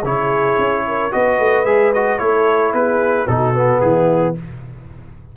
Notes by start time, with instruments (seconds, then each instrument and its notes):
0.00 tuba C#3, trombone E4, horn G#4, trumpet C#5
0.57 tuba C#4
0.87 horn A#4
1.11 tuba B3, trombone F#4, horn B4, trumpet D#5
1.39 tuba A3
1.65 tuba G#3, trombone G#4, trumpet E5
1.93 trombone F#4, trumpet D#5
2.18 tuba A3, trombone E4, horn A4, trumpet C#5
2.73 tuba B3, horn G#4, trumpet B4
3.27 tuba B2, trombone D#4, horn F#4, trumpet A4
3.54 trombone B3
3.80 tuba E3, horn E4, trumpet G#4